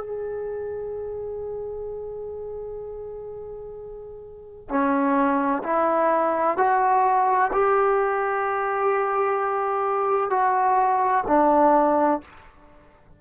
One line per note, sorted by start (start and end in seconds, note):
0.00 4.69 G#4
4.69 5.62 C#4
5.63 6.57 E4
6.57 7.51 F#4
7.53 10.30 G4
10.30 11.24 F#4
11.27 12.21 D4